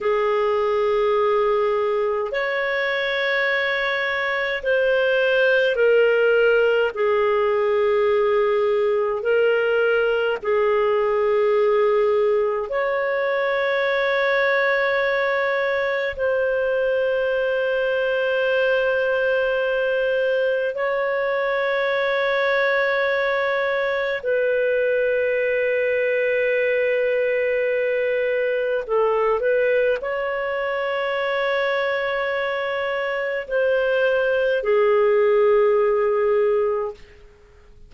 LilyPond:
\new Staff \with { instrumentName = "clarinet" } { \time 4/4 \tempo 4 = 52 gis'2 cis''2 | c''4 ais'4 gis'2 | ais'4 gis'2 cis''4~ | cis''2 c''2~ |
c''2 cis''2~ | cis''4 b'2.~ | b'4 a'8 b'8 cis''2~ | cis''4 c''4 gis'2 | }